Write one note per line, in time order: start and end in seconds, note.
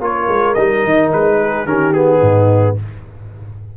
0.00 0.28 A#3
0.00 0.56 F4
0.00 1.38 A#4
0.00 0.55 C#5
0.29 0.56 G#3
0.55 0.85 G3
0.55 1.67 D#4
0.55 1.10 D#5
0.85 1.13 D#3
1.13 1.66 G#3
1.13 1.67 B4
1.40 1.67 G#4
1.66 2.21 D#3
1.66 1.94 C#4
1.66 2.19 G4
1.66 1.94 A#4
1.94 2.77 B3
1.94 2.76 G#4
2.19 2.77 G#2
2.19 2.74 D#4